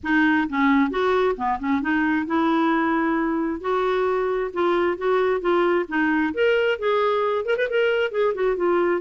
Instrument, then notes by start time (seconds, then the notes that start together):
clarinet
0.03 D#4
0.49 C#4
0.90 F#4
1.36 B3
1.59 C#4
1.81 D#4
2.26 E4
3.60 F#4
4.53 F4
4.97 F#4
5.40 F4
5.88 D#4
6.34 A#4
6.79 G#4
7.45 A#4
7.57 B4
7.69 A#4
8.11 G#4
8.34 F#4
8.56 F4